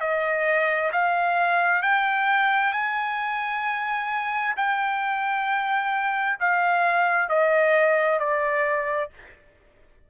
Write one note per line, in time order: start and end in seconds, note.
0.00 0.91 D#5
0.92 1.82 F5
1.82 2.72 G5
2.72 4.54 G#5
4.57 6.38 G5
6.40 7.29 F5
7.29 8.19 D#5
8.19 9.10 D5